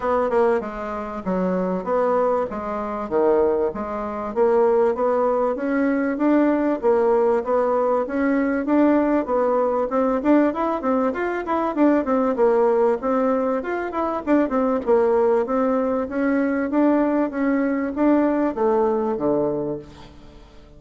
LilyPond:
\new Staff \with { instrumentName = "bassoon" } { \time 4/4 \tempo 4 = 97 b8 ais8 gis4 fis4 b4 | gis4 dis4 gis4 ais4 | b4 cis'4 d'4 ais4 | b4 cis'4 d'4 b4 |
c'8 d'8 e'8 c'8 f'8 e'8 d'8 c'8 | ais4 c'4 f'8 e'8 d'8 c'8 | ais4 c'4 cis'4 d'4 | cis'4 d'4 a4 d4 | }